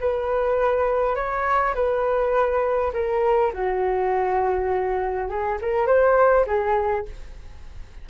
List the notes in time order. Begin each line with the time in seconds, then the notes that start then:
0.00 B4
1.15 C#5
1.74 B4
2.93 A#4
3.53 F#4
5.29 G#4
5.61 A#4
5.87 C5
6.47 G#4